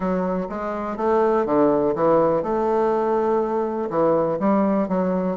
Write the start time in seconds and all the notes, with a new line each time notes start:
0.00 F#3
0.49 G#3
0.96 A3
1.45 D3
1.95 E3
2.43 A3
3.90 E3
4.39 G3
4.88 F#3